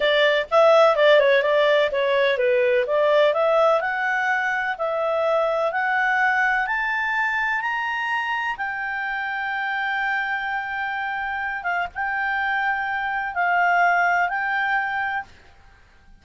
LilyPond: \new Staff \with { instrumentName = "clarinet" } { \time 4/4 \tempo 4 = 126 d''4 e''4 d''8 cis''8 d''4 | cis''4 b'4 d''4 e''4 | fis''2 e''2 | fis''2 a''2 |
ais''2 g''2~ | g''1~ | g''8 f''8 g''2. | f''2 g''2 | }